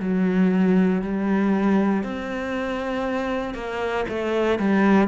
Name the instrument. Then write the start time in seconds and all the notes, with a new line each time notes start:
cello
0.00 F#3
1.02 G3
2.03 C4
3.54 A#3
4.09 A3
4.59 G3